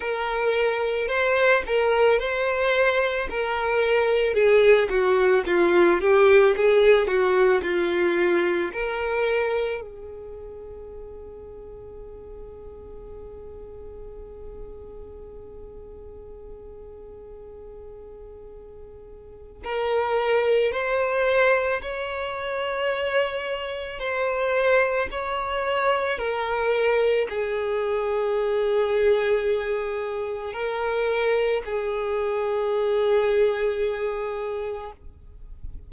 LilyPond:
\new Staff \with { instrumentName = "violin" } { \time 4/4 \tempo 4 = 55 ais'4 c''8 ais'8 c''4 ais'4 | gis'8 fis'8 f'8 g'8 gis'8 fis'8 f'4 | ais'4 gis'2.~ | gis'1~ |
gis'2 ais'4 c''4 | cis''2 c''4 cis''4 | ais'4 gis'2. | ais'4 gis'2. | }